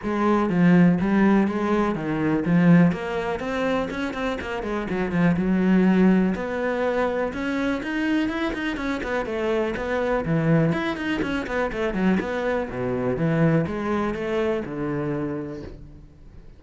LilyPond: \new Staff \with { instrumentName = "cello" } { \time 4/4 \tempo 4 = 123 gis4 f4 g4 gis4 | dis4 f4 ais4 c'4 | cis'8 c'8 ais8 gis8 fis8 f8 fis4~ | fis4 b2 cis'4 |
dis'4 e'8 dis'8 cis'8 b8 a4 | b4 e4 e'8 dis'8 cis'8 b8 | a8 fis8 b4 b,4 e4 | gis4 a4 d2 | }